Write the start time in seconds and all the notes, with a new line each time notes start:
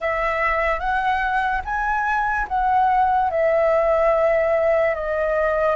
0.00 E5
0.79 F#5
1.64 G#5
2.48 F#5
3.30 E5
4.95 D#5